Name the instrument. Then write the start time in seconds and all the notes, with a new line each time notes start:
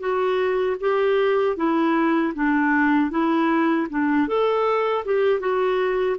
clarinet
0.00 F#4
0.80 G4
1.57 E4
2.35 D4
3.11 E4
3.90 D4
4.28 A4
5.06 G4
5.40 F#4